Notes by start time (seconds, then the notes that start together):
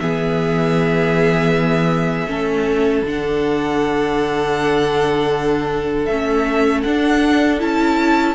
0.00 E3 B3 G#4 E5
2.27 A3 C#4 A4
3.03 D3 D4 F#5
6.06 A3 C#4 E5
6.83 D4 F#5
7.59 C#4 E4 A5